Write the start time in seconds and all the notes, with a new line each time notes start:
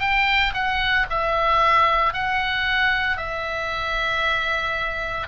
0.00 G5
0.54 F#5
1.10 E5
2.13 F#5
3.17 E5